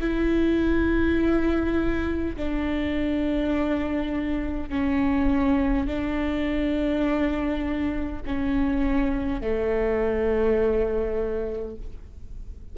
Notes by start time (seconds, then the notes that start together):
0.00 E4
2.36 D4
4.70 C#4
5.87 D4
8.26 C#4
9.41 A3